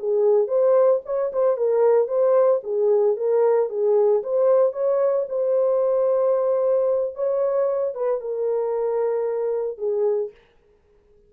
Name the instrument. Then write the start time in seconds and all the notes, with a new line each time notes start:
horn
0.00 G#4
0.48 C5
1.06 C#5
1.33 C5
1.58 A#4
2.08 C5
2.64 G#4
3.17 A#4
3.70 G#4
4.24 C5
4.73 C#5
5.30 C5
7.15 C#5
7.95 B4
8.21 A#4
9.78 G#4